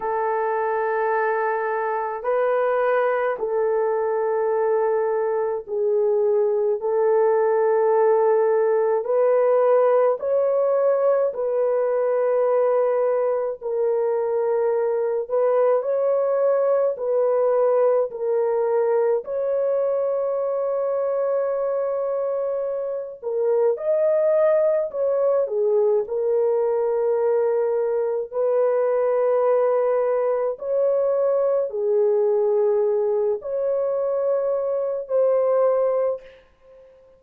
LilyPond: \new Staff \with { instrumentName = "horn" } { \time 4/4 \tempo 4 = 53 a'2 b'4 a'4~ | a'4 gis'4 a'2 | b'4 cis''4 b'2 | ais'4. b'8 cis''4 b'4 |
ais'4 cis''2.~ | cis''8 ais'8 dis''4 cis''8 gis'8 ais'4~ | ais'4 b'2 cis''4 | gis'4. cis''4. c''4 | }